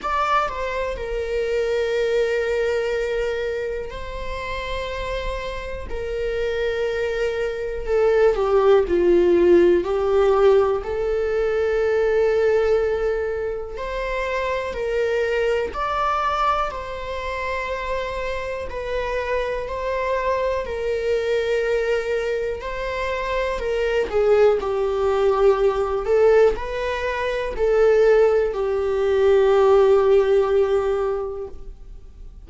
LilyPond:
\new Staff \with { instrumentName = "viola" } { \time 4/4 \tempo 4 = 61 d''8 c''8 ais'2. | c''2 ais'2 | a'8 g'8 f'4 g'4 a'4~ | a'2 c''4 ais'4 |
d''4 c''2 b'4 | c''4 ais'2 c''4 | ais'8 gis'8 g'4. a'8 b'4 | a'4 g'2. | }